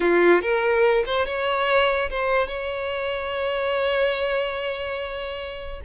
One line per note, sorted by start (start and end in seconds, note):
0.00 0.41 F4
0.41 1.04 A#4
1.06 1.26 C5
1.26 2.09 C#5
2.09 2.47 C5
2.47 5.80 C#5